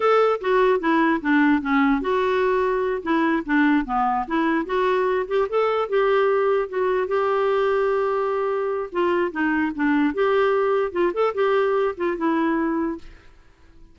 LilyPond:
\new Staff \with { instrumentName = "clarinet" } { \time 4/4 \tempo 4 = 148 a'4 fis'4 e'4 d'4 | cis'4 fis'2~ fis'8 e'8~ | e'8 d'4 b4 e'4 fis'8~ | fis'4 g'8 a'4 g'4.~ |
g'8 fis'4 g'2~ g'8~ | g'2 f'4 dis'4 | d'4 g'2 f'8 a'8 | g'4. f'8 e'2 | }